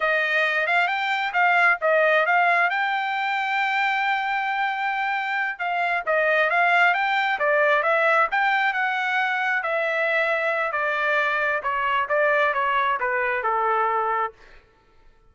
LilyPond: \new Staff \with { instrumentName = "trumpet" } { \time 4/4 \tempo 4 = 134 dis''4. f''8 g''4 f''4 | dis''4 f''4 g''2~ | g''1~ | g''8 f''4 dis''4 f''4 g''8~ |
g''8 d''4 e''4 g''4 fis''8~ | fis''4. e''2~ e''8 | d''2 cis''4 d''4 | cis''4 b'4 a'2 | }